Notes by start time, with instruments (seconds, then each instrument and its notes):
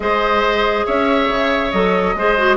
0.00 bassoon G#3, clarinet G#4, oboe C5, flute D#5
0.86 bassoon C#4, oboe C#5, flute E5
1.28 bassoon C#3
1.71 bassoon F#3, clarinet A4, flute D#5
2.14 bassoon G#3, clarinet G#4, oboe C5
2.37 clarinet F#4